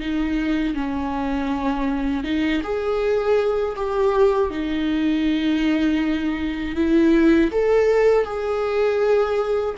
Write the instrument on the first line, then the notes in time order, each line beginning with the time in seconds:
viola
0.00 D#4
0.75 C#4
2.24 D#4
2.63 G#4
3.76 G4
4.50 D#4
6.76 E4
7.52 A4
8.25 G#4